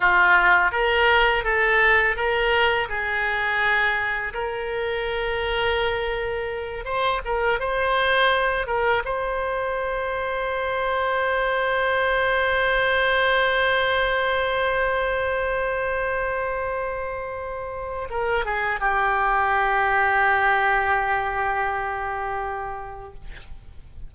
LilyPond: \new Staff \with { instrumentName = "oboe" } { \time 4/4 \tempo 4 = 83 f'4 ais'4 a'4 ais'4 | gis'2 ais'2~ | ais'4. c''8 ais'8 c''4. | ais'8 c''2.~ c''8~ |
c''1~ | c''1~ | c''4 ais'8 gis'8 g'2~ | g'1 | }